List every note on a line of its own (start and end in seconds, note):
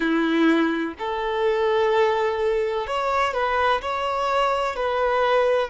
0.00 0.94 E4
0.98 2.86 A4
2.86 3.33 C#5
3.33 3.81 B4
3.81 4.76 C#5
4.76 5.69 B4